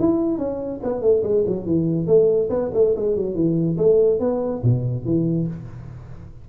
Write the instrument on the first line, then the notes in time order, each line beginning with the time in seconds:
tuba
0.00 E4
0.39 C#4
0.84 B3
1.02 A3
1.24 G#3
1.48 F#3
1.66 E3
2.07 A3
2.50 B3
2.74 A3
2.96 G#3
3.16 F#3
3.35 E3
3.78 A3
4.20 B3
4.64 B2
5.06 E3